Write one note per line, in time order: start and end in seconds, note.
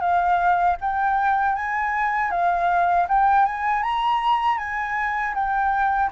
0.00 0.76 F5
0.80 1.55 G5
1.55 2.31 G#5
2.31 3.07 F5
3.08 3.45 G5
3.45 3.83 G#5
3.83 4.58 A#5
4.58 5.34 G#5
5.34 6.10 G5